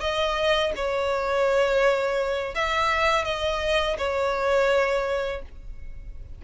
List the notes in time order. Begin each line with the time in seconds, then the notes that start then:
0.00 D#5
0.76 C#5
2.55 E5
3.25 D#5
3.98 C#5